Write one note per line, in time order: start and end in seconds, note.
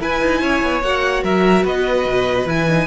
0.00 0.21 E4
0.00 0.82 E4
0.00 0.41 B4
0.00 0.82 G#5
0.21 0.41 D#4
0.41 0.61 C#4
0.41 1.23 C#5
0.62 0.82 B3
0.82 1.23 A#3
0.82 2.46 F#4
0.82 1.23 F#5
1.23 1.64 F#3
1.23 1.64 A#4
1.23 1.65 E5
1.64 2.05 B3
1.64 2.87 B4
1.64 2.48 D#5
2.05 2.45 B2
2.45 2.86 E3
2.45 2.66 E4
2.45 2.87 G#5
2.68 2.87 D#4